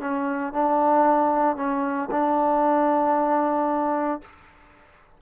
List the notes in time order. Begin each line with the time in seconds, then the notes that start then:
0.00 C#4
0.53 D4
1.56 C#4
2.11 D4